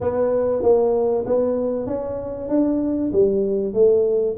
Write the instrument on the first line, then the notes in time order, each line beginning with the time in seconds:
tuba
0.01 B3
0.62 A#3
1.26 B3
1.86 C#4
2.49 D4
3.12 G3
3.73 A3